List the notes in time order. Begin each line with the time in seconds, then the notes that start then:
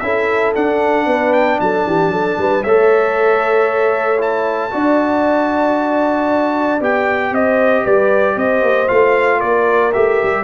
0.00 C#4 E4 A4 E5
0.55 D4 F#5
1.06 B3 B4
1.33 G5
1.60 F#3 A4 A5
1.86 E3 G4
2.08 F#3 A4
2.38 G3 B4
2.63 A3 A4 C#5 E5
4.18 E4 A5
4.71 D4 F#4 D5
6.80 B3 G4 G5
7.32 C4 C5 D#5
7.83 G3 B4 D5
8.34 C4 C5 D#5
8.62 A#3
8.88 A3 F4 F5
9.38 A#3 A#4 D5
9.93 A3 G4 E5
10.23 G3